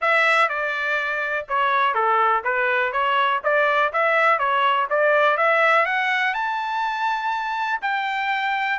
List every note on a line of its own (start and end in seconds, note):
0.01 0.48 E5
0.48 1.46 D5
1.48 1.94 C#5
1.94 2.43 A4
2.44 2.92 B4
2.92 3.41 C#5
3.43 3.92 D5
3.92 4.38 E5
4.38 4.87 C#5
4.89 5.37 D5
5.37 5.85 E5
5.85 6.33 F#5
6.33 7.80 A5
7.81 8.79 G5